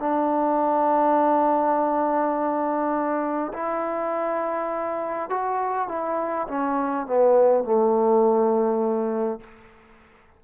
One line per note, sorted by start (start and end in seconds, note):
0.00 3.53 D4
3.54 5.30 E4
5.30 5.89 F#4
5.89 6.48 E4
6.48 7.07 C#4
7.07 7.64 B3
7.64 9.41 A3